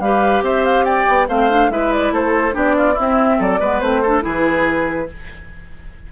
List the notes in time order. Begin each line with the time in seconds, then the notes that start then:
0.00 G3 G4 B4 F5
0.42 C4 C5 E5
0.65 F5
0.85 D5 G5
1.08 B3
1.29 A3 C4 C5 F5
1.50 D4
1.70 G#3 E4 B4 E5
1.93 D5
2.11 A3 A4 C5
2.52 B3 D4 G4 D5
2.77 F4
2.94 C4 E4
3.01 E5
3.39 F#3 A4 D5
3.60 G#3 B3 B4
3.80 A3 C4 C5
4.02 D4 A4
4.22 E3 E4 G#4 B4